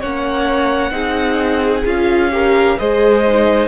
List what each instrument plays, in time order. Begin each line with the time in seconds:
0.00 cello A#3, viola C#4, violin C#5 F#5
0.91 cello C4, viola D#4, violin G#4
1.85 cello C#4, viola F4, violin F5
2.31 viola G4, violin A#4
2.78 cello G#3, viola G#4, violin C5 D#5
3.26 viola D#4